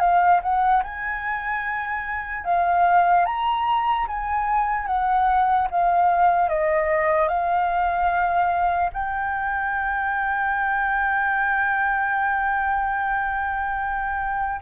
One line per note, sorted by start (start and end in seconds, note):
0.00 0.41 F5
0.43 0.83 F#5
0.83 2.45 G#5
2.45 3.25 F5
3.25 4.07 A#5
4.08 4.87 G#5
4.87 5.68 F#5
5.71 6.49 F5
6.49 7.28 D#5
7.28 8.90 F5
8.93 14.61 G5